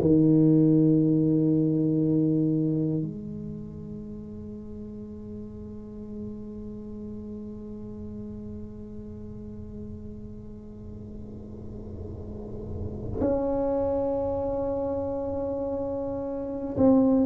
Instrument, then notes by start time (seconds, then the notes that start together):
tuba
0.00 D#3
3.02 G#3
13.21 C#4
16.77 C4